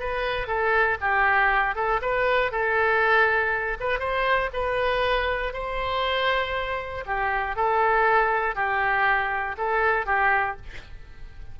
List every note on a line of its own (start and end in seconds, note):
0.00 0.47 B4
0.47 0.98 A4
1.01 1.76 G4
1.76 2.01 A4
2.02 2.52 B4
2.52 3.78 A4
3.80 4.00 B4
4.00 4.50 C5
4.53 5.54 B4
5.54 7.05 C5
7.07 7.56 G4
7.56 8.56 A4
8.56 9.56 G4
9.58 10.06 A4
10.06 10.57 G4